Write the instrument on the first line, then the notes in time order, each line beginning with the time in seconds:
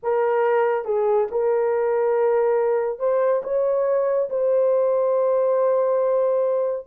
horn
0.02 A#4
0.84 G#4
1.31 A#4
2.99 C5
3.43 C#5
4.29 C5